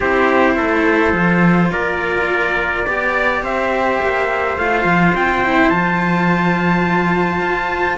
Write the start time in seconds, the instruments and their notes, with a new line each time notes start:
0.00 cello C4 E4, trumpet G4 C5
0.56 cello A3, trumpet A4
1.13 cello F3 F4
1.71 cello A#3, trumpet A#4 D5
2.86 cello B3 G4, trumpet D5
3.42 cello C4, trumpet C5 E5
4.01 cello A#3
4.57 cello A3 F4, trumpet F5
4.84 cello F3
5.14 cello C4, trumpet G5
5.44 cello E4
5.69 cello F3 F4, trumpet A5
7.41 cello F4